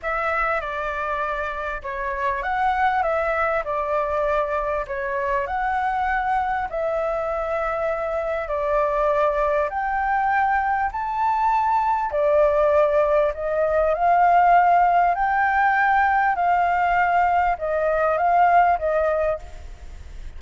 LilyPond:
\new Staff \with { instrumentName = "flute" } { \time 4/4 \tempo 4 = 99 e''4 d''2 cis''4 | fis''4 e''4 d''2 | cis''4 fis''2 e''4~ | e''2 d''2 |
g''2 a''2 | d''2 dis''4 f''4~ | f''4 g''2 f''4~ | f''4 dis''4 f''4 dis''4 | }